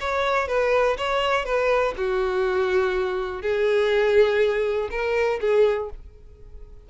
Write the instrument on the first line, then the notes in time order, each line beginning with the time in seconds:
violin
0.00 C#5
0.48 B4
0.97 C#5
1.45 B4
1.97 F#4
3.41 G#4
4.90 A#4
5.40 G#4